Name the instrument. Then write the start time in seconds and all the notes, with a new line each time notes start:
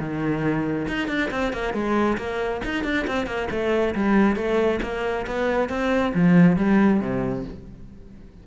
cello
0.00 D#3
0.88 D#4
1.08 D4
1.31 C4
1.53 A#3
1.74 G#3
2.18 A#3
2.65 D#4
2.84 D4
3.08 C4
3.26 A#3
3.51 A3
3.95 G3
4.36 A3
4.83 A#3
5.27 B3
5.69 C4
6.15 F3
6.57 G3
7.01 C3